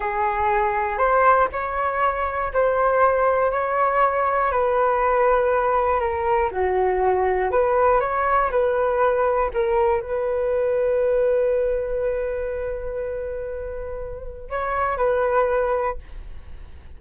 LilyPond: \new Staff \with { instrumentName = "flute" } { \time 4/4 \tempo 4 = 120 gis'2 c''4 cis''4~ | cis''4 c''2 cis''4~ | cis''4 b'2. | ais'4 fis'2 b'4 |
cis''4 b'2 ais'4 | b'1~ | b'1~ | b'4 cis''4 b'2 | }